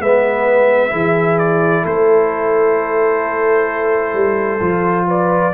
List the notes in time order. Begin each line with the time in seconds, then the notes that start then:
0.00 G#3 B3 B4 E5
0.90 E3 E4 G#4
1.39 D5
1.83 A3 A4 C5
4.14 G3
4.61 F3 F4
5.08 B4 D5